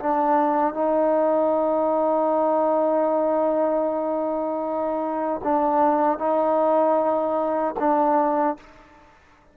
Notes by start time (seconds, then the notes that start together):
0.00 D4
0.74 D#4
5.44 D4
6.19 D#4
7.80 D4